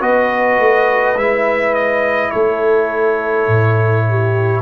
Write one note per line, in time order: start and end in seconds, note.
0.00 0.58 B3
0.00 1.15 F#4
0.00 2.31 B4
0.00 1.17 D#5
0.58 1.15 A3
1.15 2.31 G#3
1.15 4.61 E4
1.15 1.74 E5
1.74 2.30 D#5
2.30 3.47 A3
2.30 4.06 A4
2.30 4.61 C#5
3.47 4.61 A2
4.09 4.61 G4